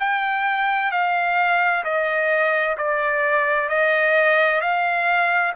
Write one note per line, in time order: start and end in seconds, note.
0.00 0.91 G5
0.91 1.84 F5
1.84 2.77 D#5
2.78 3.69 D5
3.69 4.61 D#5
4.61 5.53 F5